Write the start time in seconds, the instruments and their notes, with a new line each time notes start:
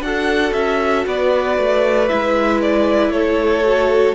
0.00 cello D4, viola F#4, violin A4 F#5
0.53 cello C#4, violin E5
1.06 cello B3, violin B4 D5
1.58 cello A3
2.08 cello G#3, viola E4, violin E5
2.61 violin D5
3.09 cello A3, violin A4 C#5
3.64 viola F#4